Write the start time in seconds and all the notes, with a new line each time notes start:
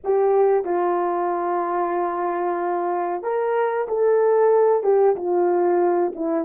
0.04 G4
0.65 F4
3.22 A#4
3.88 A4
4.83 G4
5.16 F4
6.15 E4